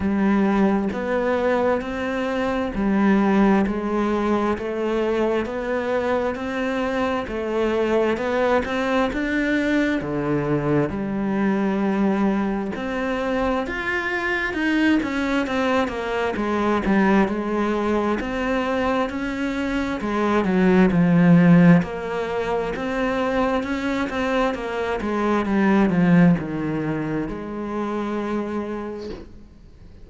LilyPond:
\new Staff \with { instrumentName = "cello" } { \time 4/4 \tempo 4 = 66 g4 b4 c'4 g4 | gis4 a4 b4 c'4 | a4 b8 c'8 d'4 d4 | g2 c'4 f'4 |
dis'8 cis'8 c'8 ais8 gis8 g8 gis4 | c'4 cis'4 gis8 fis8 f4 | ais4 c'4 cis'8 c'8 ais8 gis8 | g8 f8 dis4 gis2 | }